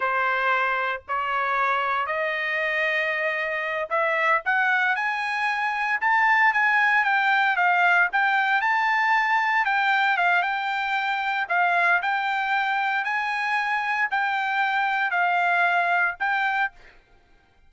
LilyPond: \new Staff \with { instrumentName = "trumpet" } { \time 4/4 \tempo 4 = 115 c''2 cis''2 | dis''2.~ dis''8 e''8~ | e''8 fis''4 gis''2 a''8~ | a''8 gis''4 g''4 f''4 g''8~ |
g''8 a''2 g''4 f''8 | g''2 f''4 g''4~ | g''4 gis''2 g''4~ | g''4 f''2 g''4 | }